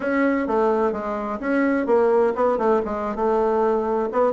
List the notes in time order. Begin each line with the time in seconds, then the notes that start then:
0.00 C#4
0.47 A3
0.92 G#3
1.40 C#4
1.86 A#3
2.35 B3
2.57 A3
2.85 G#3
3.15 A3
4.11 B3